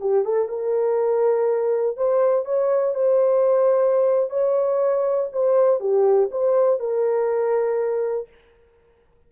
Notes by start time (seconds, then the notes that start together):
0.00 G4
0.25 A4
0.48 A#4
1.97 C5
2.45 C#5
2.95 C5
4.30 C#5
5.32 C5
5.79 G4
6.31 C5
6.79 A#4